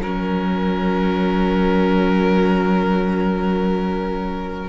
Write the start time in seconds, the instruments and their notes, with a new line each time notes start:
0.00 cello F#3, viola C#4, violin A#4